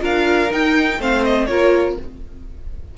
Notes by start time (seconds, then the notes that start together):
0.00 D4 F4 A#4 F5
0.52 D#4 G5
0.99 A3 C4 C5 F5
1.25 D#5
1.46 A#3 F4 A#4 C#5